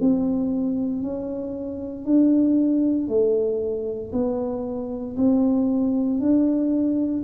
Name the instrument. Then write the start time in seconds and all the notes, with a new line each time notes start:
tuba
0.00 C4
1.02 C#4
2.05 D4
3.08 A3
4.12 B3
5.16 C4
6.19 D4